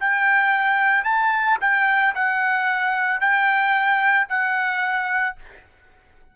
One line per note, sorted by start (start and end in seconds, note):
0.00 1.04 G5
1.04 1.58 A5
1.61 2.14 G5
2.15 3.20 F#5
3.20 4.28 G5
4.29 5.36 F#5